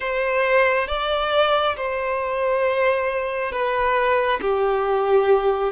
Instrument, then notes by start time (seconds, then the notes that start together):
violin
0.00 C5
0.87 D5
1.76 C5
3.51 B4
4.41 G4